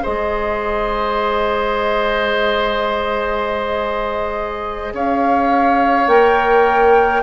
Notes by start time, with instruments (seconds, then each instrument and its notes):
0.00 clarinet G#4, oboe C5, flute D#5
0.06 bassoon G#3
4.94 bassoon C#4, oboe C#5, flute F5
6.07 bassoon A#3, clarinet A#4, flute G5